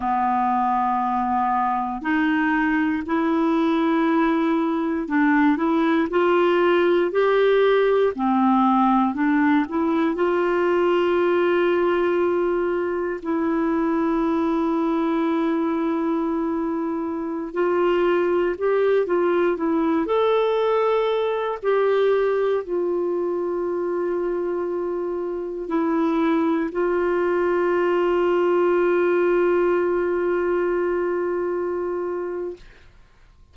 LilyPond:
\new Staff \with { instrumentName = "clarinet" } { \time 4/4 \tempo 4 = 59 b2 dis'4 e'4~ | e'4 d'8 e'8 f'4 g'4 | c'4 d'8 e'8 f'2~ | f'4 e'2.~ |
e'4~ e'16 f'4 g'8 f'8 e'8 a'16~ | a'4~ a'16 g'4 f'4.~ f'16~ | f'4~ f'16 e'4 f'4.~ f'16~ | f'1 | }